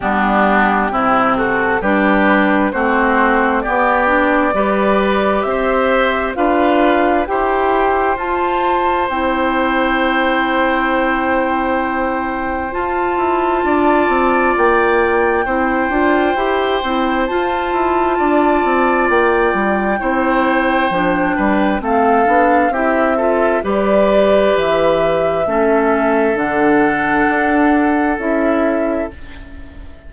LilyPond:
<<
  \new Staff \with { instrumentName = "flute" } { \time 4/4 \tempo 4 = 66 g'4. a'8 b'4 c''4 | d''2 e''4 f''4 | g''4 a''4 g''2~ | g''2 a''2 |
g''2. a''4~ | a''4 g''2. | f''4 e''4 d''4 e''4~ | e''4 fis''2 e''4 | }
  \new Staff \with { instrumentName = "oboe" } { \time 4/4 d'4 e'8 fis'8 g'4 fis'4 | g'4 b'4 c''4 b'4 | c''1~ | c''2. d''4~ |
d''4 c''2. | d''2 c''4. b'8 | a'4 g'8 a'8 b'2 | a'1 | }
  \new Staff \with { instrumentName = "clarinet" } { \time 4/4 b4 c'4 d'4 c'4 | b8 d'8 g'2 f'4 | g'4 f'4 e'2~ | e'2 f'2~ |
f'4 e'8 f'8 g'8 e'8 f'4~ | f'2 e'4 d'4 | c'8 d'8 e'8 f'8 g'2 | cis'4 d'2 e'4 | }
  \new Staff \with { instrumentName = "bassoon" } { \time 4/4 g4 c4 g4 a4 | b4 g4 c'4 d'4 | e'4 f'4 c'2~ | c'2 f'8 e'8 d'8 c'8 |
ais4 c'8 d'8 e'8 c'8 f'8 e'8 | d'8 c'8 ais8 g8 c'4 f8 g8 | a8 b8 c'4 g4 e4 | a4 d4 d'4 cis'4 | }
>>